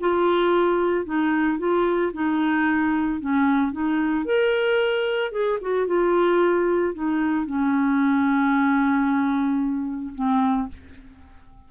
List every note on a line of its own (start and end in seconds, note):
0.00 1.05 F4
1.05 1.59 D#4
1.59 2.12 F4
2.13 3.20 D#4
3.20 3.72 C#4
3.72 4.25 D#4
4.25 5.32 A#4
5.32 5.58 G#4
5.61 5.87 F#4
5.87 6.94 F4
6.94 7.46 D#4
7.46 10.14 C#4
10.15 10.69 C4